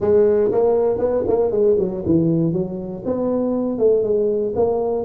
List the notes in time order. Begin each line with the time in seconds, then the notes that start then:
0.00 G#3
0.51 A#3
0.98 B3
1.27 A#3
1.51 G#3
1.78 F#3
2.05 E3
2.52 F#3
3.05 B3
3.78 A3
4.03 G#3
4.55 A#3